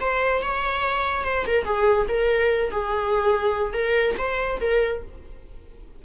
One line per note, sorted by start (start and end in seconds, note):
0.00 0.41 C5
0.41 1.24 C#5
1.24 1.45 C5
1.46 1.64 A#4
1.64 2.07 G#4
2.08 2.71 A#4
2.71 3.73 G#4
3.73 4.15 A#4
4.18 4.60 C5
4.60 5.02 A#4